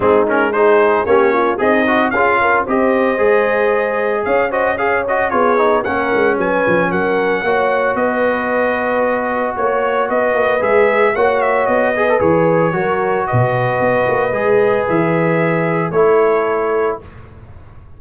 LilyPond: <<
  \new Staff \with { instrumentName = "trumpet" } { \time 4/4 \tempo 4 = 113 gis'8 ais'8 c''4 cis''4 dis''4 | f''4 dis''2. | f''8 dis''8 f''8 dis''8 cis''4 fis''4 | gis''4 fis''2 dis''4~ |
dis''2 cis''4 dis''4 | e''4 fis''8 e''8 dis''4 cis''4~ | cis''4 dis''2. | e''2 cis''2 | }
  \new Staff \with { instrumentName = "horn" } { \time 4/4 dis'4 gis'4 g'8 f'8 dis'4 | gis'8 ais'8 c''2. | cis''8 c''8 cis''4 gis'4 ais'4 | b'4 ais'4 cis''4 b'4~ |
b'2 cis''4 b'4~ | b'4 cis''4. b'4. | ais'4 b'2.~ | b'2 a'2 | }
  \new Staff \with { instrumentName = "trombone" } { \time 4/4 c'8 cis'8 dis'4 cis'4 gis'8 fis'8 | f'4 g'4 gis'2~ | gis'8 fis'8 gis'8 fis'8 f'8 dis'8 cis'4~ | cis'2 fis'2~ |
fis'1 | gis'4 fis'4. gis'16 a'16 gis'4 | fis'2. gis'4~ | gis'2 e'2 | }
  \new Staff \with { instrumentName = "tuba" } { \time 4/4 gis2 ais4 c'4 | cis'4 c'4 gis2 | cis'2 b4 ais8 gis8 | fis8 f8 fis4 ais4 b4~ |
b2 ais4 b8 ais8 | gis4 ais4 b4 e4 | fis4 b,4 b8 ais8 gis4 | e2 a2 | }
>>